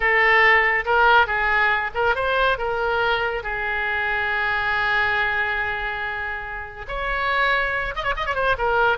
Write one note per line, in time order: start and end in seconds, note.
0.00 0.85 A4
0.85 1.26 A#4
1.26 1.91 G#4
1.94 2.15 A#4
2.15 2.57 C5
2.57 3.43 A#4
3.43 6.86 G#4
6.87 7.95 C#5
7.95 8.03 D#5
8.03 8.14 C#5
8.16 8.26 D#5
8.26 8.35 C#5
8.35 8.56 C5
8.57 8.97 A#4